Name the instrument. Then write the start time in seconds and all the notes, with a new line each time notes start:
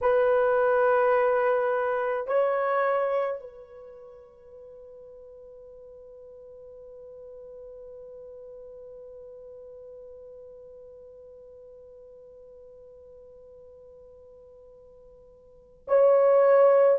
horn
0.01 B4
2.27 C#5
3.40 B4
15.87 C#5